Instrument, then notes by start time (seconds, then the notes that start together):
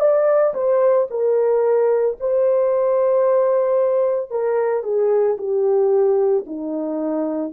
horn
0.00 D5
0.54 C5
1.10 A#4
2.20 C5
4.31 A#4
4.83 G#4
5.38 G4
6.46 D#4